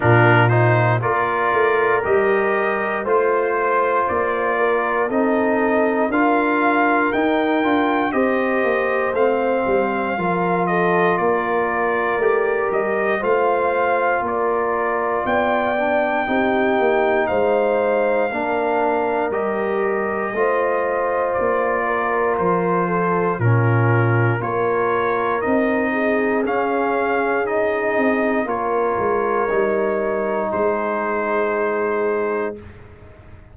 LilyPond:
<<
  \new Staff \with { instrumentName = "trumpet" } { \time 4/4 \tempo 4 = 59 ais'8 c''8 d''4 dis''4 c''4 | d''4 dis''4 f''4 g''4 | dis''4 f''4. dis''8 d''4~ | d''8 dis''8 f''4 d''4 g''4~ |
g''4 f''2 dis''4~ | dis''4 d''4 c''4 ais'4 | cis''4 dis''4 f''4 dis''4 | cis''2 c''2 | }
  \new Staff \with { instrumentName = "horn" } { \time 4/4 f'4 ais'2 c''4~ | c''8 ais'8 a'4 ais'2 | c''2 ais'8 a'8 ais'4~ | ais'4 c''4 ais'4 d''4 |
g'4 c''4 ais'2 | c''4. ais'4 a'8 f'4 | ais'4. gis'2~ gis'8 | ais'2 gis'2 | }
  \new Staff \with { instrumentName = "trombone" } { \time 4/4 d'8 dis'8 f'4 g'4 f'4~ | f'4 dis'4 f'4 dis'8 f'8 | g'4 c'4 f'2 | g'4 f'2~ f'8 d'8 |
dis'2 d'4 g'4 | f'2. cis'4 | f'4 dis'4 cis'4 dis'4 | f'4 dis'2. | }
  \new Staff \with { instrumentName = "tuba" } { \time 4/4 ais,4 ais8 a8 g4 a4 | ais4 c'4 d'4 dis'8 d'8 | c'8 ais8 a8 g8 f4 ais4 | a8 g8 a4 ais4 b4 |
c'8 ais8 gis4 ais4 g4 | a4 ais4 f4 ais,4 | ais4 c'4 cis'4. c'8 | ais8 gis8 g4 gis2 | }
>>